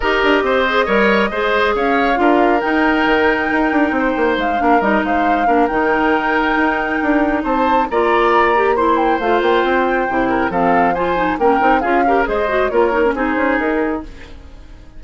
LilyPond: <<
  \new Staff \with { instrumentName = "flute" } { \time 4/4 \tempo 4 = 137 dis''1 | f''2 g''2~ | g''2 f''4 dis''8 f''8~ | f''4 g''2.~ |
g''4 a''4 ais''2 | c'''8 g''8 f''8 g''2~ g''8 | f''4 gis''4 g''4 f''4 | dis''4 cis''4 c''4 ais'4 | }
  \new Staff \with { instrumentName = "oboe" } { \time 4/4 ais'4 c''4 cis''4 c''4 | cis''4 ais'2.~ | ais'4 c''4. ais'4 c''8~ | c''8 ais'2.~ ais'8~ |
ais'4 c''4 d''2 | c''2.~ c''8 ais'8 | a'4 c''4 ais'4 gis'8 ais'8 | c''4 ais'4 gis'2 | }
  \new Staff \with { instrumentName = "clarinet" } { \time 4/4 g'4. gis'8 ais'4 gis'4~ | gis'4 f'4 dis'2~ | dis'2~ dis'8 d'8 dis'4~ | dis'8 d'8 dis'2.~ |
dis'2 f'4. g'8 | e'4 f'2 e'4 | c'4 f'8 dis'8 cis'8 dis'8 f'8 g'8 | gis'8 fis'8 f'8 dis'16 cis'16 dis'2 | }
  \new Staff \with { instrumentName = "bassoon" } { \time 4/4 dis'8 d'8 c'4 g4 gis4 | cis'4 d'4 dis'4 dis4 | dis'8 d'8 c'8 ais8 gis8 ais8 g8 gis8~ | gis8 ais8 dis2 dis'4 |
d'4 c'4 ais2~ | ais4 a8 ais8 c'4 c4 | f2 ais8 c'8 cis'4 | gis4 ais4 c'8 cis'8 dis'4 | }
>>